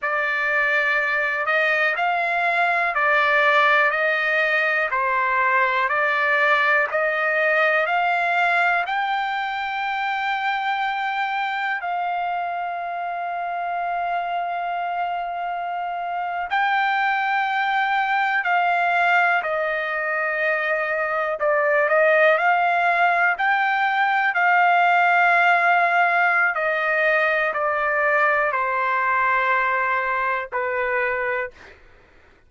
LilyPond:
\new Staff \with { instrumentName = "trumpet" } { \time 4/4 \tempo 4 = 61 d''4. dis''8 f''4 d''4 | dis''4 c''4 d''4 dis''4 | f''4 g''2. | f''1~ |
f''8. g''2 f''4 dis''16~ | dis''4.~ dis''16 d''8 dis''8 f''4 g''16~ | g''8. f''2~ f''16 dis''4 | d''4 c''2 b'4 | }